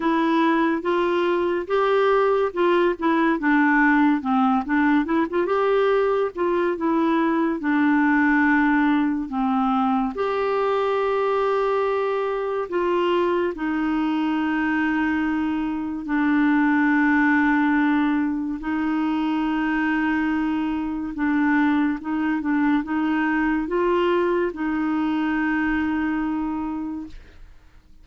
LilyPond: \new Staff \with { instrumentName = "clarinet" } { \time 4/4 \tempo 4 = 71 e'4 f'4 g'4 f'8 e'8 | d'4 c'8 d'8 e'16 f'16 g'4 f'8 | e'4 d'2 c'4 | g'2. f'4 |
dis'2. d'4~ | d'2 dis'2~ | dis'4 d'4 dis'8 d'8 dis'4 | f'4 dis'2. | }